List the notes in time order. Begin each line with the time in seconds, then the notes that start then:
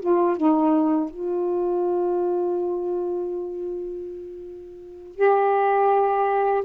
0.00 F4
0.37 D#4
1.10 F4
5.15 G4